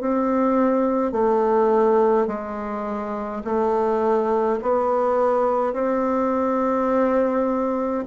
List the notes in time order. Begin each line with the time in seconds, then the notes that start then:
0.00 C4
1.12 A3
2.27 G#3
3.44 A3
4.62 B3
5.73 C4